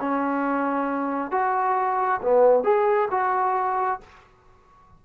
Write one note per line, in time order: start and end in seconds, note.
0.00 1.31 C#4
1.31 2.21 F#4
2.22 2.64 B3
2.64 3.09 G#4
3.11 4.01 F#4